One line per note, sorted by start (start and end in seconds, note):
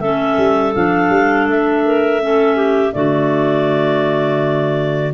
0.00 0.37 A3
0.00 0.74 C#4
0.00 1.84 A4
0.00 0.74 E5
0.38 0.74 G3
0.74 1.10 F3
0.74 2.20 D4
0.74 1.47 F5
1.10 1.46 G3
1.46 2.93 A3
1.46 2.93 E5
1.85 2.22 A#4
2.20 2.92 C#4
2.20 2.56 A4
2.56 2.92 G4
2.92 5.14 D3
2.92 5.12 A3
2.92 5.14 F#4
2.92 5.12 D5